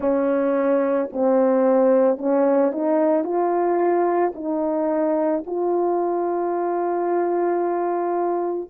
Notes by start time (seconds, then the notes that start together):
0.00 C#4
1.12 C4
2.18 C#4
2.72 D#4
3.23 F4
4.34 D#4
5.46 F4